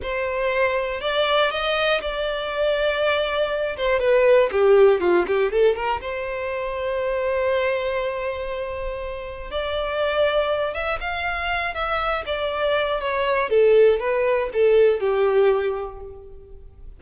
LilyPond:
\new Staff \with { instrumentName = "violin" } { \time 4/4 \tempo 4 = 120 c''2 d''4 dis''4 | d''2.~ d''8 c''8 | b'4 g'4 f'8 g'8 a'8 ais'8 | c''1~ |
c''2. d''4~ | d''4. e''8 f''4. e''8~ | e''8 d''4. cis''4 a'4 | b'4 a'4 g'2 | }